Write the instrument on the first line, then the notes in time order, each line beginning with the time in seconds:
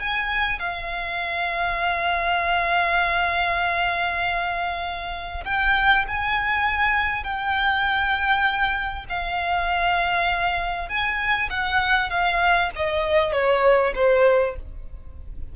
violin
0.00 G#5
0.60 F5
5.45 G5
6.08 G#5
7.24 G5
9.10 F5
10.89 G#5
11.50 F#5
12.10 F5
12.76 D#5
13.33 C#5
13.95 C5